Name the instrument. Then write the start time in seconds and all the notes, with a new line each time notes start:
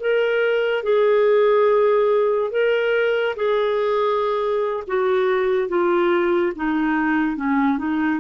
clarinet
0.00 A#4
0.83 G#4
2.51 A#4
3.36 G#4
4.87 F#4
5.68 F4
6.56 D#4
7.36 C#4
7.78 D#4